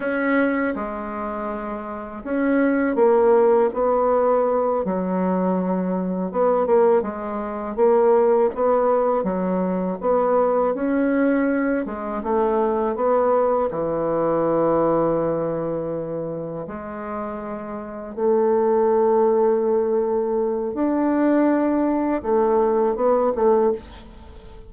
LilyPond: \new Staff \with { instrumentName = "bassoon" } { \time 4/4 \tempo 4 = 81 cis'4 gis2 cis'4 | ais4 b4. fis4.~ | fis8 b8 ais8 gis4 ais4 b8~ | b8 fis4 b4 cis'4. |
gis8 a4 b4 e4.~ | e2~ e8 gis4.~ | gis8 a2.~ a8 | d'2 a4 b8 a8 | }